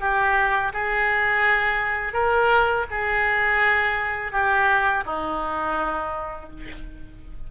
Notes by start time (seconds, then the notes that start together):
0.00 G4
0.73 G#4
2.13 A#4
2.90 G#4
4.32 G4
5.05 D#4